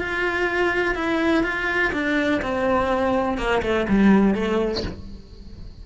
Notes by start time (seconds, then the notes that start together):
0.00 F4
0.96 E4
1.44 F4
1.93 D4
2.42 C4
3.38 A#3
3.63 A3
3.89 G3
4.35 A3